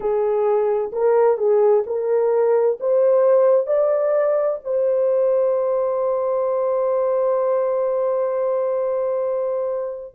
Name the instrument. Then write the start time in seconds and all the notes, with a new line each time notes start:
horn
0.00 G#4
0.92 A#4
1.37 G#4
1.86 A#4
2.80 C5
3.67 D5
4.64 C5